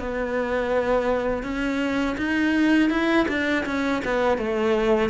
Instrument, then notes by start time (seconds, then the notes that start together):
cello
0.00 B3
1.43 C#4
2.18 D#4
2.90 E4
3.29 D4
3.66 C#4
4.05 B3
4.38 A3